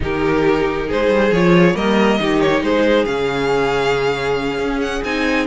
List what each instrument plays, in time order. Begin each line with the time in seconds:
0.00 cello D#3, viola D#4, violin G4 A#4
0.87 cello G#3, violin G#4 C5
1.08 cello G3
1.31 cello F3, viola F4, violin C#5
1.74 cello G3, viola A#3, violin A#4 D#5
2.19 cello D#3, viola D#4, violin G4
2.40 violin C#5
2.61 cello G#3, violin G#4 C5
3.05 cello C#3, viola C#4, violin F5
4.58 cello C#4
4.81 violin F#5
5.04 cello C4, viola D#4, violin G#5